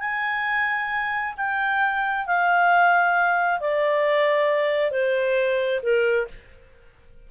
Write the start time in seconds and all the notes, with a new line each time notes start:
0.00 G#5
1.37 G5
2.27 F5
3.60 D5
4.91 C5
5.83 A#4